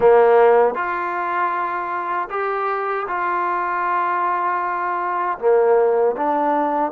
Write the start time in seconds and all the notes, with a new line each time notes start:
0.00 A#3
0.74 F4
2.30 G4
3.07 F4
5.38 A#3
6.16 D4